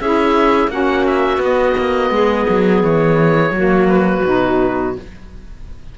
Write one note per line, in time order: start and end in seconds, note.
0.00 0.67 C#4
0.00 0.69 E4
0.00 0.71 G#4
0.00 0.70 E5
0.67 1.37 A#3
0.67 1.38 C#4
0.67 2.13 F#4
0.67 1.06 F#5
1.06 1.41 E5
1.37 1.72 B3
1.37 3.50 B3
1.44 2.83 D#5
1.77 2.10 A#3
2.10 2.45 G#3
2.10 3.54 G#4
2.49 2.83 F#3
2.83 3.50 E3
2.83 3.88 C#5
3.50 4.21 F#3
3.50 4.24 A#3
3.56 4.97 F#4
3.88 4.94 B4
4.24 4.95 B2
4.24 4.95 D#4